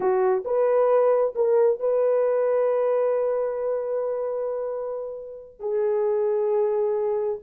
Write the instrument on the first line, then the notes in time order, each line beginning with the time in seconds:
horn
0.00 F#4
0.45 B4
1.35 A#4
1.79 B4
5.59 G#4